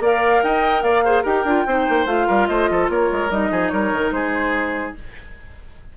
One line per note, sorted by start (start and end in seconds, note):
0.00 0.41 A#3
0.00 1.05 A#4
0.00 0.43 D5
0.00 0.44 F5
0.43 0.83 D#4
0.43 0.84 D#5
0.43 0.83 G5
0.83 1.24 A#3
0.83 1.04 D5
0.83 1.24 F5
1.05 1.24 G#4
1.05 1.23 C5
1.23 1.45 D#4
1.23 1.45 G4
1.23 1.64 A#4
1.23 2.07 G5
1.45 1.65 D4
1.45 1.68 F4
1.67 1.87 C4
1.67 2.07 D#4
1.67 2.27 C5
1.89 2.06 A#3
2.06 2.27 A3
2.06 3.30 F4
2.06 2.47 F5
2.27 2.49 G3
2.27 2.48 A#4
2.47 2.70 A3
2.47 2.70 C5
2.47 2.88 D#5
2.70 2.89 F3
2.70 2.91 A4
2.89 3.10 A#3
2.89 3.52 A#4
2.89 3.31 C#5
3.12 3.31 G#3
3.31 3.51 G3
3.31 4.95 D#4
3.31 3.70 D#5
3.51 3.72 F3
3.51 3.72 G#4
3.70 3.93 G3
3.70 4.14 A#4
3.70 4.11 C#5
3.93 4.11 D#3
4.11 4.94 G#3
4.11 4.97 G#4
4.11 4.94 C5